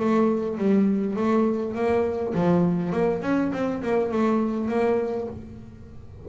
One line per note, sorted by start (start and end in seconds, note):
0.00 0.58 A3
0.58 1.17 G3
1.17 1.75 A3
1.75 2.34 A#3
2.35 2.93 F3
2.93 3.22 A#3
3.22 3.52 C#4
3.53 3.83 C4
3.83 4.12 A#3
4.12 4.69 A3
4.69 5.28 A#3